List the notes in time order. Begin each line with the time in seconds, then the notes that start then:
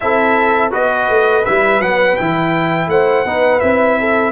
0.00 C4 E4 A4 E5
0.70 B3 F#4 B4 D#5
1.09 A3
1.45 G3 E4 E5
1.80 F#3 B3 F#5
2.16 E3 E4 G5
2.87 A3 C5 F#5
3.24 B3 D#4 B4
3.59 C4 E4 E5
3.99 A4